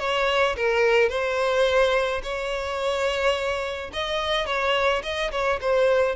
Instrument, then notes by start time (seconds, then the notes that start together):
violin
0.00 C#5
0.56 A#4
1.10 C5
2.23 C#5
3.94 D#5
4.47 C#5
5.03 D#5
5.32 C#5
5.61 C5